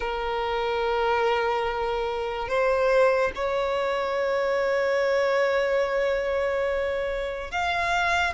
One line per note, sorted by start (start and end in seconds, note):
0.00 2.48 A#4
2.48 3.31 C5
3.35 7.51 C#5
7.51 8.33 F5